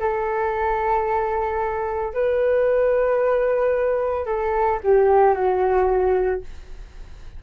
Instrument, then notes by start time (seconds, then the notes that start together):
flute
0.00 A4
2.14 B4
4.26 A4
4.84 G4
5.35 F#4